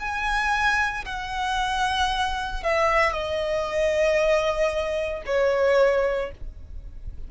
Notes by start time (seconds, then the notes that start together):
0.00 G#5
1.05 F#5
2.64 E5
3.13 D#5
5.26 C#5